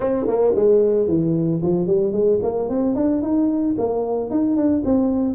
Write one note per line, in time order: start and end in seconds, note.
0.00 0.26 C4
0.27 0.54 A#3
0.55 1.07 G#3
1.07 1.61 E3
1.62 1.86 F3
1.86 2.12 G3
2.12 2.39 G#3
2.42 2.69 A#3
2.69 2.95 C4
2.95 3.21 D4
3.22 3.75 D#4
3.78 4.30 A#3
4.30 4.56 D#4
4.56 4.83 D4
4.85 5.34 C4